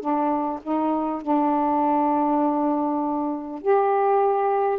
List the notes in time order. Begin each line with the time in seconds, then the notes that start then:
0.00 D4
0.62 D#4
1.22 D4
3.62 G4